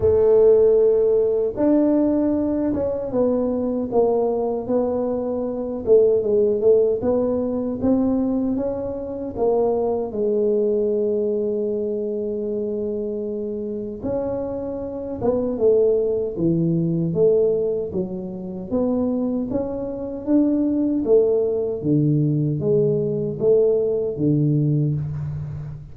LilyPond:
\new Staff \with { instrumentName = "tuba" } { \time 4/4 \tempo 4 = 77 a2 d'4. cis'8 | b4 ais4 b4. a8 | gis8 a8 b4 c'4 cis'4 | ais4 gis2.~ |
gis2 cis'4. b8 | a4 e4 a4 fis4 | b4 cis'4 d'4 a4 | d4 gis4 a4 d4 | }